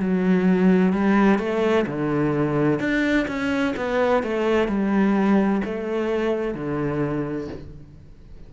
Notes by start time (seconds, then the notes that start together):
0.00 F#3
0.93 G3
1.39 A3
1.87 D3
2.80 D4
3.28 C#4
3.77 B3
4.24 A3
4.68 G3
5.65 A3
6.55 D3